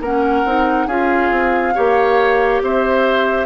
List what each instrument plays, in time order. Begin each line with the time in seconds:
0.00 bassoon A#3, clarinet C#4, oboe A#4, flute F#5
0.46 bassoon C4, clarinet D#4
0.87 bassoon C#4, clarinet F4, oboe G#4, flute F5
1.31 bassoon C4
1.75 bassoon A#3, clarinet G4, oboe C#5
2.62 bassoon C4, oboe C5, flute E5